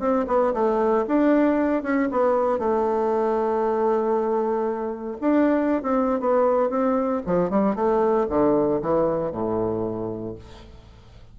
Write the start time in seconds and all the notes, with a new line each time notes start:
0.00 C4
0.28 B3
0.54 A3
1.08 D4
1.83 C#4
2.11 B3
2.59 A3
5.21 D4
5.83 C4
6.20 B3
6.70 C4
7.26 F3
7.50 G3
7.76 A3
8.30 D3
8.82 E3
9.32 A2